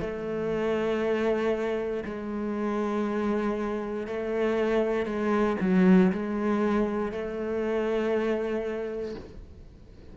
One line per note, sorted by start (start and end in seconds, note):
0.00 2.03 A3
2.04 4.07 G#3
4.07 5.05 A3
5.05 5.56 G#3
5.60 6.11 F#3
6.12 7.11 G#3
7.11 9.15 A3